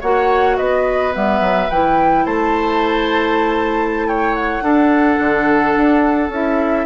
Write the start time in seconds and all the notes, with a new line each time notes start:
0.00 A#3 F#4 C#5 F#5
0.57 B3 B4 D#5
1.12 G3 B3 E5
1.40 F#3
1.70 E3 E4 G5
2.25 A3 C5 A5
4.07 C#5 G5
4.34 F#5
4.61 D4 A4
5.19 D3
5.76 D4
6.29 C#4 E4 E5